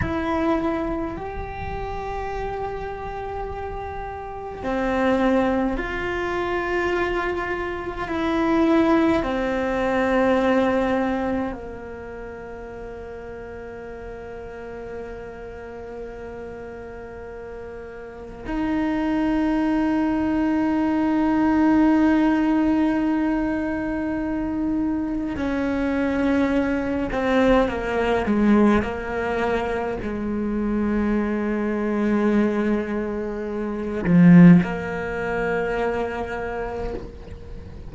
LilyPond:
\new Staff \with { instrumentName = "cello" } { \time 4/4 \tempo 4 = 52 e'4 g'2. | c'4 f'2 e'4 | c'2 ais2~ | ais1 |
dis'1~ | dis'2 cis'4. c'8 | ais8 gis8 ais4 gis2~ | gis4. f8 ais2 | }